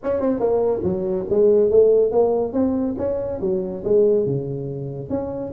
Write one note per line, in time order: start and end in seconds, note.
0.03 0.20 C#4
0.20 0.39 C4
0.39 0.82 A#3
0.83 1.26 F#3
1.30 1.70 G#3
1.70 2.11 A3
2.11 2.52 A#3
2.52 2.95 C4
2.98 3.40 C#4
3.41 3.83 F#3
3.84 4.26 G#3
4.26 5.09 C#3
5.09 5.52 C#4